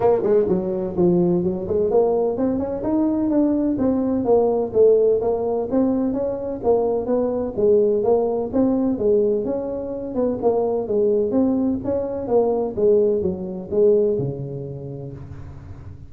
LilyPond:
\new Staff \with { instrumentName = "tuba" } { \time 4/4 \tempo 4 = 127 ais8 gis8 fis4 f4 fis8 gis8 | ais4 c'8 cis'8 dis'4 d'4 | c'4 ais4 a4 ais4 | c'4 cis'4 ais4 b4 |
gis4 ais4 c'4 gis4 | cis'4. b8 ais4 gis4 | c'4 cis'4 ais4 gis4 | fis4 gis4 cis2 | }